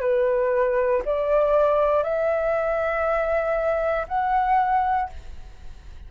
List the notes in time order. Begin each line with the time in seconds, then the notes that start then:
0.00 B4
1.05 D5
2.02 E5
4.08 F#5